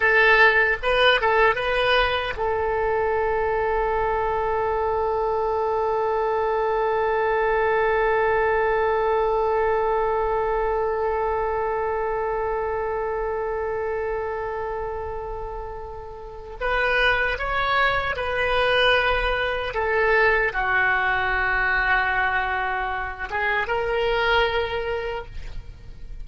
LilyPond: \new Staff \with { instrumentName = "oboe" } { \time 4/4 \tempo 4 = 76 a'4 b'8 a'8 b'4 a'4~ | a'1~ | a'1~ | a'1~ |
a'1~ | a'4 b'4 cis''4 b'4~ | b'4 a'4 fis'2~ | fis'4. gis'8 ais'2 | }